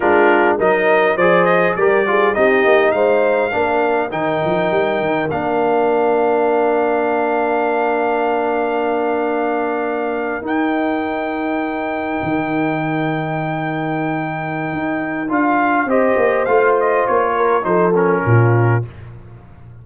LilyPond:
<<
  \new Staff \with { instrumentName = "trumpet" } { \time 4/4 \tempo 4 = 102 ais'4 dis''4 d''8 dis''8 d''4 | dis''4 f''2 g''4~ | g''4 f''2.~ | f''1~ |
f''4.~ f''16 g''2~ g''16~ | g''1~ | g''2 f''4 dis''4 | f''8 dis''8 cis''4 c''8 ais'4. | }
  \new Staff \with { instrumentName = "horn" } { \time 4/4 f'4 ais'4 c''4 ais'8 gis'8 | g'4 c''4 ais'2~ | ais'1~ | ais'1~ |
ais'1~ | ais'1~ | ais'2. c''4~ | c''4. ais'8 a'4 f'4 | }
  \new Staff \with { instrumentName = "trombone" } { \time 4/4 d'4 dis'4 gis'4 g'8 f'8 | dis'2 d'4 dis'4~ | dis'4 d'2.~ | d'1~ |
d'4.~ d'16 dis'2~ dis'16~ | dis'1~ | dis'2 f'4 g'4 | f'2 dis'8 cis'4. | }
  \new Staff \with { instrumentName = "tuba" } { \time 4/4 gis4 fis4 f4 g4 | c'8 ais8 gis4 ais4 dis8 f8 | g8 dis8 ais2.~ | ais1~ |
ais4.~ ais16 dis'2~ dis'16~ | dis'8. dis2.~ dis16~ | dis4 dis'4 d'4 c'8 ais8 | a4 ais4 f4 ais,4 | }
>>